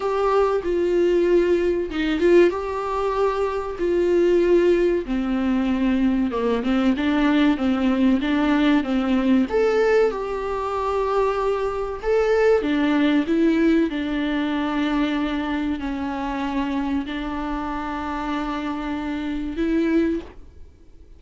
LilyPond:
\new Staff \with { instrumentName = "viola" } { \time 4/4 \tempo 4 = 95 g'4 f'2 dis'8 f'8 | g'2 f'2 | c'2 ais8 c'8 d'4 | c'4 d'4 c'4 a'4 |
g'2. a'4 | d'4 e'4 d'2~ | d'4 cis'2 d'4~ | d'2. e'4 | }